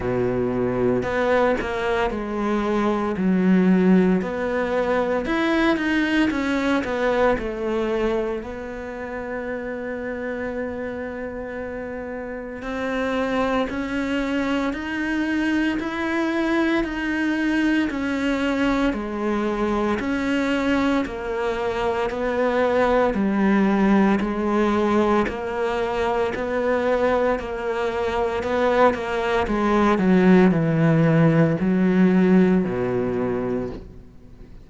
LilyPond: \new Staff \with { instrumentName = "cello" } { \time 4/4 \tempo 4 = 57 b,4 b8 ais8 gis4 fis4 | b4 e'8 dis'8 cis'8 b8 a4 | b1 | c'4 cis'4 dis'4 e'4 |
dis'4 cis'4 gis4 cis'4 | ais4 b4 g4 gis4 | ais4 b4 ais4 b8 ais8 | gis8 fis8 e4 fis4 b,4 | }